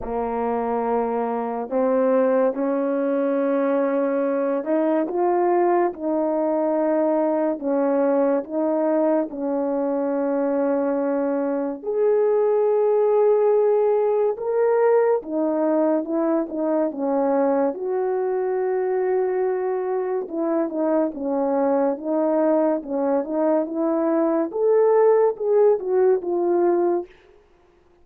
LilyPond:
\new Staff \with { instrumentName = "horn" } { \time 4/4 \tempo 4 = 71 ais2 c'4 cis'4~ | cis'4. dis'8 f'4 dis'4~ | dis'4 cis'4 dis'4 cis'4~ | cis'2 gis'2~ |
gis'4 ais'4 dis'4 e'8 dis'8 | cis'4 fis'2. | e'8 dis'8 cis'4 dis'4 cis'8 dis'8 | e'4 a'4 gis'8 fis'8 f'4 | }